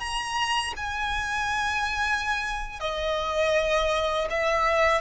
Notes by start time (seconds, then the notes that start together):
0.00 A#5
0.76 G#5
2.80 D#5
4.30 E5